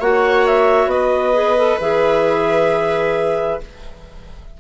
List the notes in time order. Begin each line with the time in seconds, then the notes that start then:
0.00 A#3 F#4 C#5 F#5
0.47 E5
0.86 B3 B4 D#5
1.33 G#4
1.57 A4
1.80 E3 G#4 E5